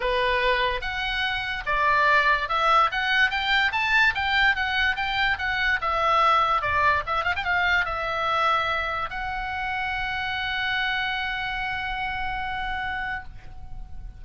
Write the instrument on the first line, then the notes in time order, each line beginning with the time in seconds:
oboe
0.00 B4
0.81 F#5
1.66 D5
2.48 E5
2.91 F#5
3.30 G5
3.72 A5
4.14 G5
4.55 F#5
4.96 G5
5.38 F#5
5.81 E5
6.61 D5
7.06 E5
7.24 F5
7.36 G5
7.44 F5
7.85 E5
9.10 F#5